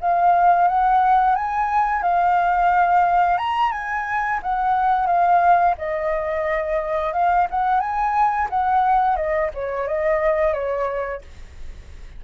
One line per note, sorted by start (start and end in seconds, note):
0.00 0.68 F5
0.68 1.35 F#5
1.35 2.02 G#5
2.02 3.37 F5
3.37 3.71 A#5
3.71 4.39 G#5
4.42 5.06 F#5
5.06 5.74 F5
5.77 7.13 D#5
7.13 7.47 F5
7.50 7.80 F#5
7.80 8.48 G#5
8.49 9.16 F#5
9.16 9.50 D#5
9.54 9.87 C#5
9.87 10.53 D#5
10.53 11.21 C#5